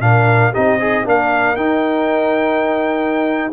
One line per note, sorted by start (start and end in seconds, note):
0.00 0.52 A#2
0.00 0.53 D4
0.00 0.53 A#4
0.00 0.53 F5
0.53 1.06 C4
0.53 0.80 D#4
0.53 0.79 G4
0.53 1.06 D#5
0.80 1.06 D#4
0.80 1.05 G#4
1.05 1.56 A#3
1.05 1.57 D4
1.05 3.53 A#4
1.05 1.56 F5
1.56 3.51 D#4
1.56 3.52 D#4
1.56 3.51 G5